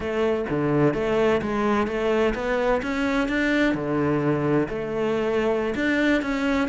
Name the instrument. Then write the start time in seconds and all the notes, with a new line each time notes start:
cello
0.00 A3
0.49 D3
0.94 A3
1.41 G#3
1.87 A3
2.34 B3
2.82 C#4
3.28 D4
3.74 D3
4.69 A3
5.75 D4
6.22 C#4